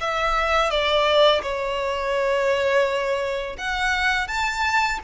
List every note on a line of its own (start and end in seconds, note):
0.00 0.70 E5
0.70 1.42 D5
1.42 3.56 C#5
3.58 4.28 F#5
4.28 4.99 A5